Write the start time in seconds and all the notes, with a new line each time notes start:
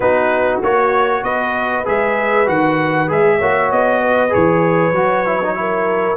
0.00 B3 D#4 F#4 B4
0.62 A#3 F#4 C#5
1.23 B3 B4 D#5
1.84 G#3 G#4 E5
2.46 D#3 F#4 F#5
3.07 G#3 G#4 E5
3.38 A#3 F#4 C#5
3.71 B3 D#5
4.01 B4
4.29 E3 G#4 C#5
4.92 F#3 F#4
5.26 E4
5.42 D#4
5.54 E4 A#4